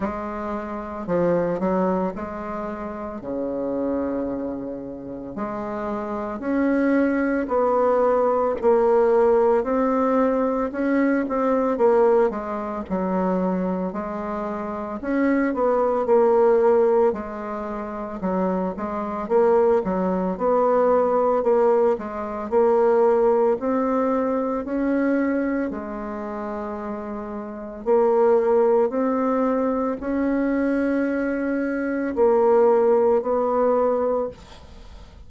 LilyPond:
\new Staff \with { instrumentName = "bassoon" } { \time 4/4 \tempo 4 = 56 gis4 f8 fis8 gis4 cis4~ | cis4 gis4 cis'4 b4 | ais4 c'4 cis'8 c'8 ais8 gis8 | fis4 gis4 cis'8 b8 ais4 |
gis4 fis8 gis8 ais8 fis8 b4 | ais8 gis8 ais4 c'4 cis'4 | gis2 ais4 c'4 | cis'2 ais4 b4 | }